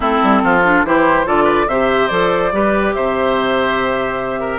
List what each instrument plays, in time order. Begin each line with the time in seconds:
0.00 bassoon A3, clarinet C4, oboe E4, flute A4
0.22 bassoon G3
0.43 bassoon F3, oboe F4
0.64 clarinet D4
0.83 bassoon E3, clarinet E4, oboe G4, flute C5
1.25 bassoon D3, clarinet F4, oboe A4, flute D5
1.43 oboe B4
1.67 bassoon C3, clarinet G4, oboe C5, flute E5
2.07 bassoon F3, clarinet A4, flute D5
2.52 bassoon G3, clarinet G4, oboe B4
2.93 bassoon C3, oboe C5, flute E5
4.40 oboe A#4